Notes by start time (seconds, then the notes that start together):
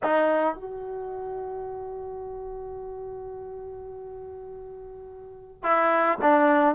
0.03 D#4
0.55 F#4
5.63 E4
6.21 D4